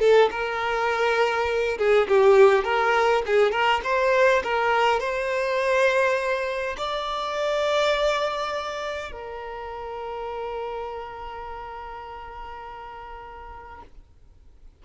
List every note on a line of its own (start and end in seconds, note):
0.00 0.29 A4
0.31 1.78 A#4
1.78 2.08 G#4
2.08 2.64 G4
2.64 3.23 A#4
3.26 3.52 G#4
3.52 3.81 A#4
3.84 4.43 C5
4.44 5.00 A#4
5.00 6.76 C5
6.78 9.12 D5
9.12 13.82 A#4